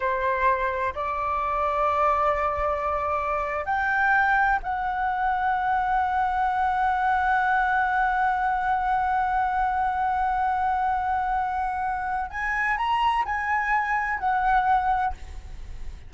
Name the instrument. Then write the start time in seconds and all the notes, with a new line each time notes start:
flute
0.00 C5
0.94 D5
3.65 G5
4.62 F#5
12.30 G#5
12.77 A#5
13.25 G#5
14.19 F#5